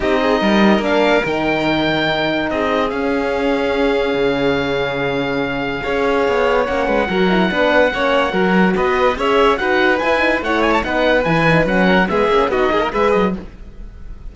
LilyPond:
<<
  \new Staff \with { instrumentName = "oboe" } { \time 4/4 \tempo 4 = 144 dis''2 f''4 g''4~ | g''2 dis''4 f''4~ | f''1~ | f''1 |
fis''1~ | fis''4 dis''4 e''4 fis''4 | gis''4 fis''8 gis''16 a''16 fis''4 gis''4 | fis''4 e''4 dis''4 e''8 dis''8 | }
  \new Staff \with { instrumentName = "violin" } { \time 4/4 g'8 gis'8 ais'2.~ | ais'2 gis'2~ | gis'1~ | gis'2 cis''2~ |
cis''8 b'8 ais'4 b'4 cis''4 | ais'4 b'4 cis''4 b'4~ | b'4 cis''4 b'2~ | b'8 ais'8 gis'4 fis'8 gis'16 ais'16 b'4 | }
  \new Staff \with { instrumentName = "horn" } { \time 4/4 dis'2 d'4 dis'4~ | dis'2. cis'4~ | cis'1~ | cis'2 gis'2 |
cis'4 fis'8 e'8 d'4 cis'4 | fis'2 gis'4 fis'4 | e'8 dis'8 e'4 dis'4 e'8 dis'8 | cis'4 b8 cis'8 dis'4 gis'4 | }
  \new Staff \with { instrumentName = "cello" } { \time 4/4 c'4 g4 ais4 dis4~ | dis2 c'4 cis'4~ | cis'2 cis2~ | cis2 cis'4 b4 |
ais8 gis8 fis4 b4 ais4 | fis4 b4 cis'4 dis'4 | e'4 a4 b4 e4 | fis4 gis8 ais8 b8 ais8 gis8 fis8 | }
>>